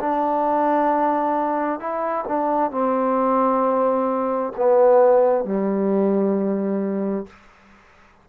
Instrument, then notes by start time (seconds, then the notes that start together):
trombone
0.00 D4
1.80 E4
2.28 D4
2.71 C4
4.57 B3
5.45 G3